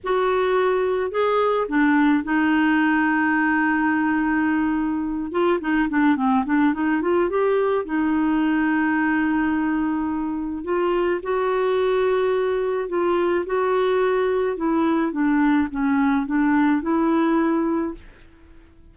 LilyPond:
\new Staff \with { instrumentName = "clarinet" } { \time 4/4 \tempo 4 = 107 fis'2 gis'4 d'4 | dis'1~ | dis'4. f'8 dis'8 d'8 c'8 d'8 | dis'8 f'8 g'4 dis'2~ |
dis'2. f'4 | fis'2. f'4 | fis'2 e'4 d'4 | cis'4 d'4 e'2 | }